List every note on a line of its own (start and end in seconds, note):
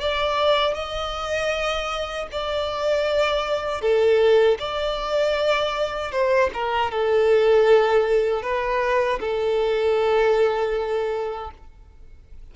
0.00 0.74 D5
0.74 2.28 D#5
2.31 3.81 D5
3.81 4.58 A4
4.59 6.11 D5
6.11 6.50 C5
6.53 6.91 A#4
6.91 8.42 A4
8.42 9.19 B4
9.20 11.51 A4